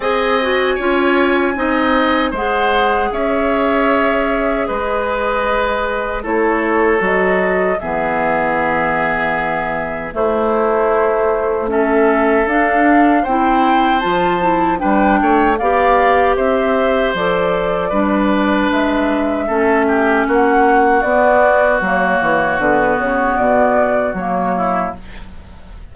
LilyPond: <<
  \new Staff \with { instrumentName = "flute" } { \time 4/4 \tempo 4 = 77 gis''2. fis''4 | e''2 dis''2 | cis''4 dis''4 e''2~ | e''4 c''2 e''4 |
f''4 g''4 a''4 g''4 | f''4 e''4 d''2 | e''2 fis''4 d''4 | cis''4 b'8 cis''8 d''4 cis''4 | }
  \new Staff \with { instrumentName = "oboe" } { \time 4/4 dis''4 cis''4 dis''4 c''4 | cis''2 b'2 | a'2 gis'2~ | gis'4 e'2 a'4~ |
a'4 c''2 b'8 cis''8 | d''4 c''2 b'4~ | b'4 a'8 g'8 fis'2~ | fis'2.~ fis'8 e'8 | }
  \new Staff \with { instrumentName = "clarinet" } { \time 4/4 gis'8 fis'8 f'4 dis'4 gis'4~ | gis'1 | e'4 fis'4 b2~ | b4 a2 cis'4 |
d'4 e'4 f'8 e'8 d'4 | g'2 a'4 d'4~ | d'4 cis'2 b4 | ais4 b2 ais4 | }
  \new Staff \with { instrumentName = "bassoon" } { \time 4/4 c'4 cis'4 c'4 gis4 | cis'2 gis2 | a4 fis4 e2~ | e4 a2. |
d'4 c'4 f4 g8 a8 | b4 c'4 f4 g4 | gis4 a4 ais4 b4 | fis8 e8 d8 cis8 b,4 fis4 | }
>>